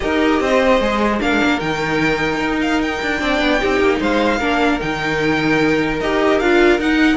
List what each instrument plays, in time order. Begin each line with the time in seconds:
0.00 cello D#4, viola G4, violin A#4 D#5
0.40 cello C4, violin C5
0.80 cello G#3, viola G#4
1.19 cello A#3, viola D4, violin A#4 F5
1.31 cello G#3
1.43 cello A#3
1.59 cello D#3, viola D#4, violin G5
2.40 cello D#4
2.61 violin F5
2.82 violin G5
3.01 cello D4
3.19 cello C4, viola D4, violin D5
3.41 cello B3
3.60 cello C4, viola D#4, violin G4
3.80 cello A#3
3.99 cello G#3, violin C5 F5
4.38 cello A#3, viola D4, violin A#4
4.79 cello D#3, viola D#4, violin G5
6.00 cello D#4, viola G4, violin D#5
6.39 cello D4, viola F4, violin F5
6.78 viola D#4, cello D#4, violin F#5